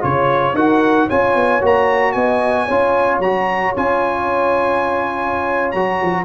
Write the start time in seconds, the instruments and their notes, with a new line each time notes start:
0.00 tuba C#3, trombone F4, trumpet C#5, horn C#5
0.54 tuba D#4, trombone F#4, horn A#4, trumpet F#5
1.07 tuba C#4, trombone F4, horn C#5, trumpet G#5
1.35 tuba B3
1.61 tuba A#3, trombone F#4, trumpet A#5
2.12 tuba B3, horn D#5, trumpet G#5
2.66 tuba C#4, trombone F4, horn C#5
3.19 tuba F#3, trombone F#4, trumpet A#5
3.76 tuba C#4, trombone F4, trumpet G#5
5.71 tuba F#3, trombone F#4, trumpet A#5
6.02 tuba F3